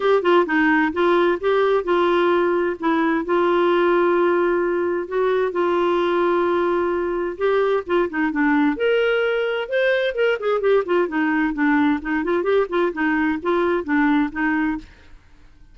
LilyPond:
\new Staff \with { instrumentName = "clarinet" } { \time 4/4 \tempo 4 = 130 g'8 f'8 dis'4 f'4 g'4 | f'2 e'4 f'4~ | f'2. fis'4 | f'1 |
g'4 f'8 dis'8 d'4 ais'4~ | ais'4 c''4 ais'8 gis'8 g'8 f'8 | dis'4 d'4 dis'8 f'8 g'8 f'8 | dis'4 f'4 d'4 dis'4 | }